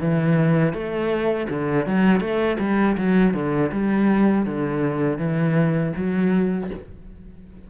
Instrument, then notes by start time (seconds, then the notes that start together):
cello
0.00 E3
0.73 A3
1.49 D3
1.86 F#3
2.20 A3
2.59 G3
2.97 F#3
3.33 D3
3.71 G3
4.45 D3
5.18 E3
5.96 F#3